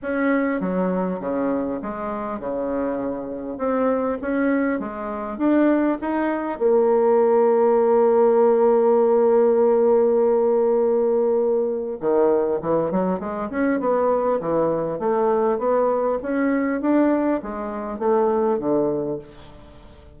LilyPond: \new Staff \with { instrumentName = "bassoon" } { \time 4/4 \tempo 4 = 100 cis'4 fis4 cis4 gis4 | cis2 c'4 cis'4 | gis4 d'4 dis'4 ais4~ | ais1~ |
ais1 | dis4 e8 fis8 gis8 cis'8 b4 | e4 a4 b4 cis'4 | d'4 gis4 a4 d4 | }